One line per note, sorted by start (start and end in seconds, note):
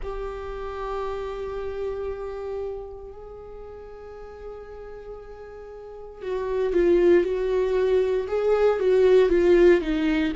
0.02 3.12 G4
3.12 6.22 G#4
6.22 6.72 F#4
6.72 7.24 F4
7.24 8.27 F#4
8.28 8.79 G#4
8.79 9.29 F#4
9.29 9.80 F4
9.81 10.33 D#4